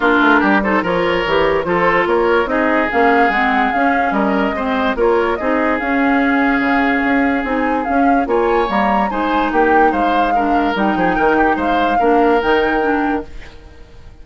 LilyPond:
<<
  \new Staff \with { instrumentName = "flute" } { \time 4/4 \tempo 4 = 145 ais'4. c''8 cis''2 | c''4 cis''4 dis''4 f''4 | fis''4 f''4 dis''2 | cis''4 dis''4 f''2~ |
f''2 gis''4 f''4 | gis''4 ais''4 gis''4 g''4 | f''2 g''2 | f''2 g''2 | }
  \new Staff \with { instrumentName = "oboe" } { \time 4/4 f'4 g'8 a'8 ais'2 | a'4 ais'4 gis'2~ | gis'2 ais'4 c''4 | ais'4 gis'2.~ |
gis'1 | cis''2 c''4 g'4 | c''4 ais'4. gis'8 ais'8 g'8 | c''4 ais'2. | }
  \new Staff \with { instrumentName = "clarinet" } { \time 4/4 d'4. dis'8 f'4 g'4 | f'2 dis'4 cis'4 | c'4 cis'2 c'4 | f'4 dis'4 cis'2~ |
cis'2 dis'4 cis'4 | f'4 ais4 dis'2~ | dis'4 d'4 dis'2~ | dis'4 d'4 dis'4 d'4 | }
  \new Staff \with { instrumentName = "bassoon" } { \time 4/4 ais8 a8 g4 f4 e4 | f4 ais4 c'4 ais4 | gis4 cis'4 g4 gis4 | ais4 c'4 cis'2 |
cis4 cis'4 c'4 cis'4 | ais4 g4 gis4 ais4 | gis2 g8 f8 dis4 | gis4 ais4 dis2 | }
>>